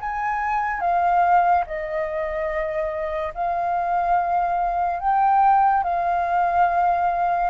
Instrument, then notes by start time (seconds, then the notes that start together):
flute
0.00 G#5
0.81 F5
1.67 D#5
3.34 F5
5.00 G5
5.83 F5